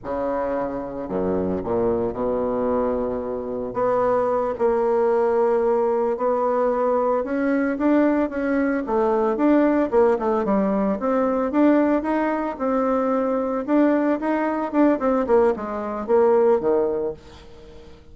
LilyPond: \new Staff \with { instrumentName = "bassoon" } { \time 4/4 \tempo 4 = 112 cis2 fis,4 ais,4 | b,2. b4~ | b8 ais2. b8~ | b4. cis'4 d'4 cis'8~ |
cis'8 a4 d'4 ais8 a8 g8~ | g8 c'4 d'4 dis'4 c'8~ | c'4. d'4 dis'4 d'8 | c'8 ais8 gis4 ais4 dis4 | }